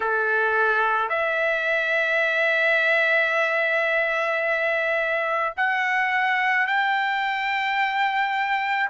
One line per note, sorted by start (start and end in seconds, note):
0.00 1.09 A4
1.09 5.53 E5
5.56 6.67 F#5
6.67 8.89 G5